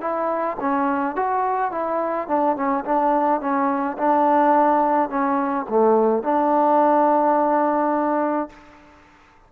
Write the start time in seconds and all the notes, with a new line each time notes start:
0.00 E4
0.60 C#4
1.15 F#4
1.71 E4
2.27 D4
2.56 C#4
2.85 D4
3.40 C#4
3.98 D4
5.09 C#4
5.69 A3
6.23 D4